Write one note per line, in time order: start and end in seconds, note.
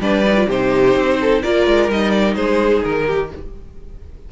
0.00 0.47 G3
0.00 0.25 D4
0.00 0.47 B4
0.00 0.50 D5
0.27 0.37 D#4
0.37 0.49 F4
0.47 0.96 C3
0.47 1.44 D#4
0.47 1.18 G4
0.47 1.43 C5
0.96 1.43 C4
1.21 1.43 A4
1.43 1.67 A#3
1.43 1.90 F4
1.43 2.36 A#4
1.43 1.90 D5
1.67 1.89 G#3
1.89 2.36 G3
1.89 3.32 D#4
1.89 2.11 D#5
2.11 2.35 D5
2.36 2.83 G#3
2.36 3.06 G#4
2.36 2.83 C5
2.85 3.32 D#3
2.85 3.32 A#4
3.06 3.30 G4